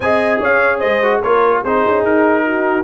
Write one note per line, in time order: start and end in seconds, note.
0.00 0.41 C4
0.00 1.02 G#4
0.00 0.40 D#5
0.00 0.41 G#5
0.40 0.83 C#4
0.40 0.78 C#5
0.40 0.79 F5
0.78 1.22 G#3
0.78 1.19 C5
0.78 1.20 D#5
1.02 1.22 F#4
1.21 1.62 A#3
1.21 1.65 F4
1.21 1.61 A#4
1.21 1.63 C#5
1.62 1.85 C4
1.62 2.84 D#4
1.62 2.44 G#4
1.62 2.04 C5
1.86 2.03 C#4
2.03 2.84 D#4
2.03 2.84 A#4
2.45 2.84 F#4